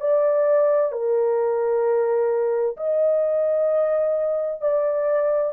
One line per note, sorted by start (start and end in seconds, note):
0.00 0.92 D5
0.92 2.77 A#4
2.77 4.61 D#5
4.61 5.53 D5